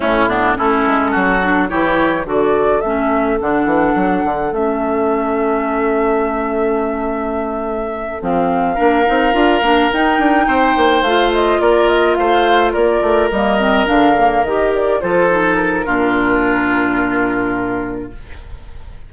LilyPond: <<
  \new Staff \with { instrumentName = "flute" } { \time 4/4 \tempo 4 = 106 e'4 a'2 cis''4 | d''4 e''4 fis''2 | e''1~ | e''2~ e''8 f''4.~ |
f''4. g''2 f''8 | dis''8 d''8 dis''8 f''4 d''4 dis''8~ | dis''8 f''4 dis''8 d''8 c''4 ais'8~ | ais'1 | }
  \new Staff \with { instrumentName = "oboe" } { \time 4/4 cis'8 d'8 e'4 fis'4 g'4 | a'1~ | a'1~ | a'2.~ a'8 ais'8~ |
ais'2~ ais'8 c''4.~ | c''8 ais'4 c''4 ais'4.~ | ais'2~ ais'8 a'4. | f'1 | }
  \new Staff \with { instrumentName = "clarinet" } { \time 4/4 a8 b8 cis'4. d'8 e'4 | fis'4 cis'4 d'2 | cis'1~ | cis'2~ cis'8 c'4 d'8 |
dis'8 f'8 d'8 dis'2 f'8~ | f'2.~ f'8 ais8 | c'8 d'8 ais8 g'4 f'8 dis'4 | d'1 | }
  \new Staff \with { instrumentName = "bassoon" } { \time 4/4 a,4 a8 gis8 fis4 e4 | d4 a4 d8 e8 fis8 d8 | a1~ | a2~ a8 f4 ais8 |
c'8 d'8 ais8 dis'8 d'8 c'8 ais8 a8~ | a8 ais4 a4 ais8 a8 g8~ | g8 d4 dis4 f4. | ais,1 | }
>>